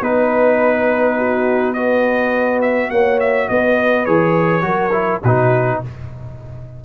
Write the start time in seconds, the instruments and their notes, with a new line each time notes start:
0.00 tuba B3, trombone D#4, horn B4, trumpet B4
1.17 horn F#4
1.73 trombone F#4, horn B4, trumpet D#5
2.61 trumpet E5
2.90 tuba A#3, horn C#5, trumpet F#5
3.20 trumpet E5
3.49 tuba B3, horn B4, trumpet D#5
4.05 tuba E3, trombone G#4, trumpet C#5
4.61 tuba F#3, trombone F#4, horn A#4
4.92 trombone E4
5.22 tuba B2, trombone D#4, horn F#4, trumpet B4